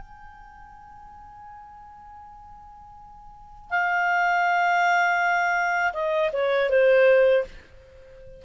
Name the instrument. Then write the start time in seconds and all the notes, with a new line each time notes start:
clarinet
0.00 G#5
3.70 F5
5.93 D#5
6.32 C#5
6.69 C5